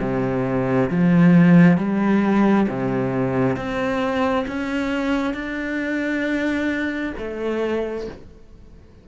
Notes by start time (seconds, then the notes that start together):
0.00 C3
0.90 F3
1.77 G3
2.68 C3
3.56 C4
4.47 C#4
5.34 D4
7.18 A3